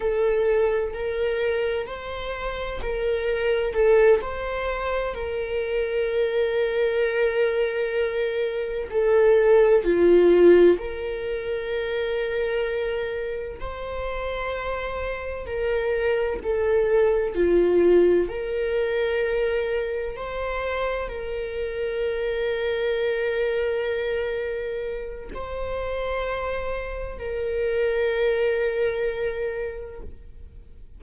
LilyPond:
\new Staff \with { instrumentName = "viola" } { \time 4/4 \tempo 4 = 64 a'4 ais'4 c''4 ais'4 | a'8 c''4 ais'2~ ais'8~ | ais'4. a'4 f'4 ais'8~ | ais'2~ ais'8 c''4.~ |
c''8 ais'4 a'4 f'4 ais'8~ | ais'4. c''4 ais'4.~ | ais'2. c''4~ | c''4 ais'2. | }